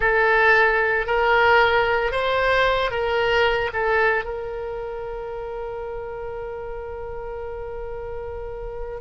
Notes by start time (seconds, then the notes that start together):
0.00 A4
1.06 A#4
2.11 C5
2.91 A#4
3.73 A4
4.24 A#4